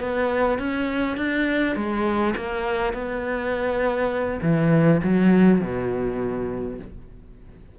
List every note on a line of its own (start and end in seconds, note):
0.00 0.58 B3
0.58 1.17 C#4
1.17 1.76 D4
1.76 2.34 G#3
2.36 2.93 A#3
2.93 4.40 B3
4.42 5.01 E3
5.03 5.61 F#3
5.61 6.78 B2